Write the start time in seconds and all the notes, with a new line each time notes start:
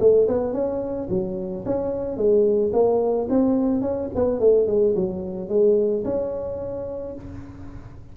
0.00 A3
0.28 B3
0.53 C#4
1.10 F#3
1.65 C#4
2.17 G#3
2.73 A#3
3.30 C4
3.82 C#4
4.15 B3
4.40 A3
4.67 G#3
4.96 F#3
5.49 G#3
6.05 C#4